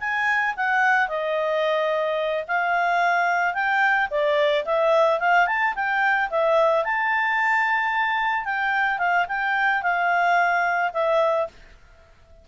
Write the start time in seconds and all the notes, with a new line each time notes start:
0.00 G#5
0.56 F#5
1.08 D#5
2.47 F5
3.54 G5
4.10 D5
4.65 E5
5.20 F5
5.47 A5
5.75 G5
6.30 E5
6.84 A5
8.44 G5
8.99 F5
9.28 G5
9.82 F5
10.93 E5